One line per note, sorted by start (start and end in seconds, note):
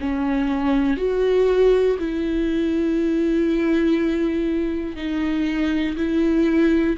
0.00 0.97 C#4
0.97 1.97 F#4
1.99 4.96 E4
4.96 5.96 D#4
5.96 6.96 E4